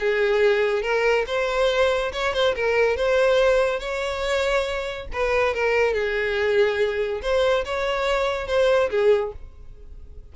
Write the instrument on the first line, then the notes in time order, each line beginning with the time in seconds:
violin
0.00 G#4
0.83 A#4
1.27 C5
2.13 C#5
2.34 C5
2.55 A#4
2.97 C5
3.80 C#5
5.13 B4
5.54 A#4
5.94 G#4
7.22 C5
7.65 C#5
8.47 C5
8.90 G#4